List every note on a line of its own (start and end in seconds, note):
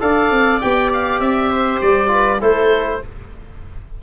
0.00 0.31 D4
0.00 0.60 A4
0.00 1.51 D5
0.00 0.61 F5
0.31 0.61 C4
0.61 1.20 B3
0.61 2.07 G4
0.61 0.91 G5
0.93 1.20 F5
1.20 1.80 C4
1.20 1.80 E5
1.51 2.10 C5
1.81 2.41 G3
1.81 2.41 D5
2.07 2.37 F4
2.07 2.41 B4
2.41 3.01 A3
2.41 3.01 E4
2.41 3.01 A4
2.41 3.02 C5